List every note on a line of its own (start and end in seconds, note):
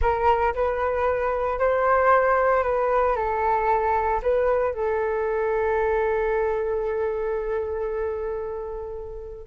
0.01 0.54 A#4
0.54 1.59 B4
1.59 2.63 C5
2.63 3.16 B4
3.16 4.21 A4
4.22 4.73 B4
4.73 9.47 A4